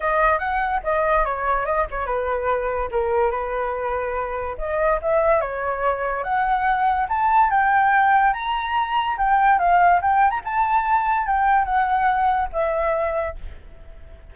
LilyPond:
\new Staff \with { instrumentName = "flute" } { \time 4/4 \tempo 4 = 144 dis''4 fis''4 dis''4 cis''4 | dis''8 cis''8 b'2 ais'4 | b'2. dis''4 | e''4 cis''2 fis''4~ |
fis''4 a''4 g''2 | ais''2 g''4 f''4 | g''8. ais''16 a''2 g''4 | fis''2 e''2 | }